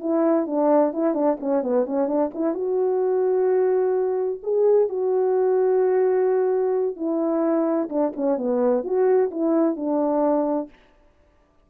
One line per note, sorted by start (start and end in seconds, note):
0.00 0.46 E4
0.46 0.92 D4
0.92 1.14 E4
1.14 1.37 D4
1.39 1.62 C#4
1.62 1.85 B3
1.85 2.07 C#4
2.07 2.30 D4
2.34 2.54 E4
2.54 4.40 F#4
4.43 4.89 G#4
4.89 6.96 F#4
6.96 7.89 E4
7.89 8.12 D4
8.16 8.37 C#4
8.37 8.83 B3
8.83 9.30 F#4
9.31 9.76 E4
9.76 10.69 D4